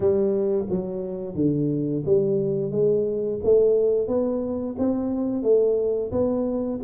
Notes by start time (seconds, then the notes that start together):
0.00 G3
0.69 F#3
1.35 D3
2.05 G3
2.71 G#3
3.44 A3
4.07 B3
4.78 C4
5.42 A3
6.11 B3